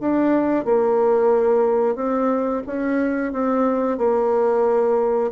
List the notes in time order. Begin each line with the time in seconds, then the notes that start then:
0.00 D4
0.65 A#3
1.96 C4
2.67 C#4
3.33 C4
3.98 A#3